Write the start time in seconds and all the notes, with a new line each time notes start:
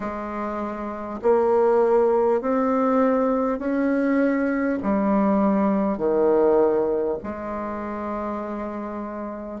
0.00 G#3
1.22 A#3
2.41 C4
3.58 C#4
4.82 G3
5.97 D#3
7.23 G#3